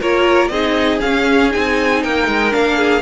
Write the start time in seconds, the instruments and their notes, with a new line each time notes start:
0.00 cello A#3, viola F4, violin A#4 C#5
0.48 cello C4, viola D#4, violin G#4 D#5
1.00 viola C#4, cello C#4, violin F5
1.50 cello C4, viola D#4, violin G#5
2.03 cello A#3, violin A#4 G5
2.27 cello G#3
2.50 cello A#3, viola D4, violin F5
2.77 violin G#4